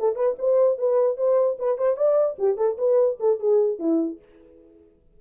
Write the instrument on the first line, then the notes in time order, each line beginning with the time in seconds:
horn
0.00 A4
0.16 B4
0.39 C5
0.79 B4
1.18 C5
1.59 B4
1.78 C5
1.97 D5
2.39 G4
2.57 A4
2.78 B4
3.20 A4
3.40 G#4
3.79 E4